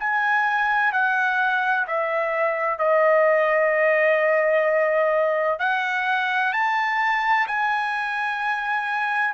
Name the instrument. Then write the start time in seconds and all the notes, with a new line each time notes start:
trumpet
0.00 G#5
0.93 F#5
1.88 E5
2.79 D#5
5.60 F#5
6.53 A5
7.48 G#5